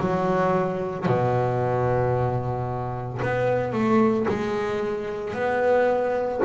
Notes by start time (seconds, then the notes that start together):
0.00 F#3
1.06 B2
3.22 B3
3.72 A3
4.28 G#3
5.34 B3